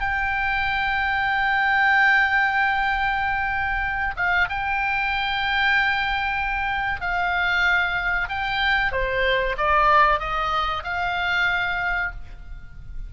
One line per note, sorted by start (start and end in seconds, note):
0.00 4.15 G5
4.16 4.48 F5
4.49 7.01 G5
7.01 8.28 F5
8.29 8.92 G5
8.92 9.56 C5
9.57 10.19 D5
10.19 10.83 D#5
10.84 12.11 F5